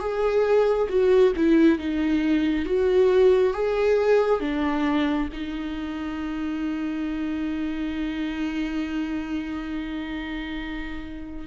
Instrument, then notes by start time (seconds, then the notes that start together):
viola
0.00 G#4
0.89 F#4
1.36 E4
1.79 D#4
2.66 F#4
3.53 G#4
4.40 D4
5.33 D#4